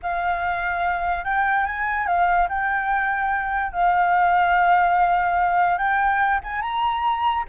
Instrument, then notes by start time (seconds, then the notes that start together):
flute
0.02 F5
1.24 G5
1.65 G#5
2.06 F5
2.48 G5
3.72 F5
5.78 G5
6.43 G#5
6.61 A#5